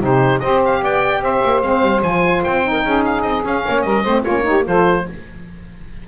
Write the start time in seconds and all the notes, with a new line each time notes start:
0.00 C3 D#4 G4 C5
0.39 C4 G4 C5 D#5
0.65 F5
0.81 B3 D5 G5
1.21 C4 C5 E5
1.43 A#3
1.61 G#3 C4 F5
1.81 G3
2.02 F3 F4 G#5
2.44 C4 G5
2.63 D#4
2.71 A#4
2.84 C#4 G#4
3.04 F5
3.21 C4 D#5
3.45 C#4 F5
3.64 A#3 C#5
3.81 G3 A#4 D#5
4.02 A3 C4 C5
4.20 C#4 F4 C#5
4.27 A#3
4.42 D#4 G4
4.64 F3 F4 A4 C5